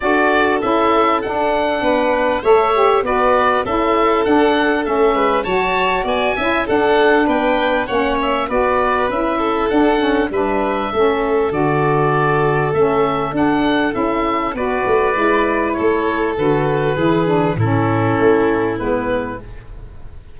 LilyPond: <<
  \new Staff \with { instrumentName = "oboe" } { \time 4/4 \tempo 4 = 99 d''4 e''4 fis''2 | e''4 d''4 e''4 fis''4 | e''4 a''4 gis''4 fis''4 | g''4 fis''8 e''8 d''4 e''4 |
fis''4 e''2 d''4~ | d''4 e''4 fis''4 e''4 | d''2 cis''4 b'4~ | b'4 a'2 b'4 | }
  \new Staff \with { instrumentName = "violin" } { \time 4/4 a'2. b'4 | cis''4 b'4 a'2~ | a'8 b'8 cis''4 d''8 e''8 a'4 | b'4 cis''4 b'4. a'8~ |
a'4 b'4 a'2~ | a'1 | b'2 a'2 | gis'4 e'2. | }
  \new Staff \with { instrumentName = "saxophone" } { \time 4/4 fis'4 e'4 d'2 | a'8 g'8 fis'4 e'4 d'4 | cis'4 fis'4. e'8 d'4~ | d'4 cis'4 fis'4 e'4 |
d'8 cis'8 d'4 cis'4 fis'4~ | fis'4 cis'4 d'4 e'4 | fis'4 e'2 fis'4 | e'8 d'8 cis'2 b4 | }
  \new Staff \with { instrumentName = "tuba" } { \time 4/4 d'4 cis'4 d'4 b4 | a4 b4 cis'4 d'4 | a8 gis8 fis4 b8 cis'8 d'4 | b4 ais4 b4 cis'4 |
d'4 g4 a4 d4~ | d4 a4 d'4 cis'4 | b8 a8 gis4 a4 d4 | e4 a,4 a4 gis4 | }
>>